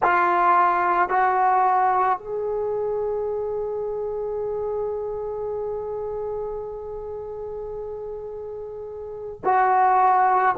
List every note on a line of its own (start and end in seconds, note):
0.03 1.09 F4
1.09 2.18 F#4
2.18 9.40 G#4
9.43 10.55 F#4